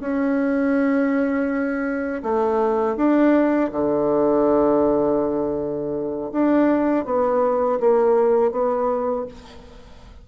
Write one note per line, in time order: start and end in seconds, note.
0.00 2.22 C#4
2.23 2.96 A3
2.96 3.70 D4
3.72 6.31 D3
6.32 7.05 D4
7.05 7.79 B3
7.80 8.52 A#3
8.52 9.26 B3